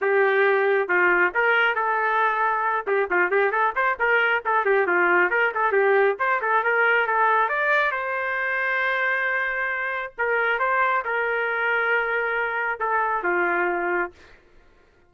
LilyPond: \new Staff \with { instrumentName = "trumpet" } { \time 4/4 \tempo 4 = 136 g'2 f'4 ais'4 | a'2~ a'8 g'8 f'8 g'8 | a'8 c''8 ais'4 a'8 g'8 f'4 | ais'8 a'8 g'4 c''8 a'8 ais'4 |
a'4 d''4 c''2~ | c''2. ais'4 | c''4 ais'2.~ | ais'4 a'4 f'2 | }